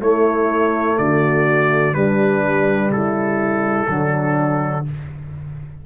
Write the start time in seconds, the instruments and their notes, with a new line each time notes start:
0.00 tuba A3, trombone A3, horn E4, trumpet C#5
0.98 tuba D3, horn F#4, trumpet D5
1.94 trombone G3, tuba G3, horn D4, trumpet B4
2.90 tuba C#3, horn E4, trumpet A4
3.88 tuba D3, trombone F#3, horn D4